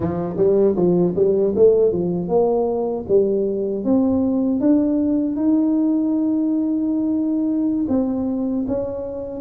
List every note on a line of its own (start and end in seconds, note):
0.00 0.36 F3
0.37 0.75 G3
0.76 1.14 F3
1.15 1.54 G3
1.55 1.92 A3
1.92 2.28 F3
2.28 3.05 A#3
3.08 3.84 G3
3.84 4.60 C4
4.60 5.36 D4
5.36 7.86 D#4
7.88 8.65 C4
8.67 9.41 C#4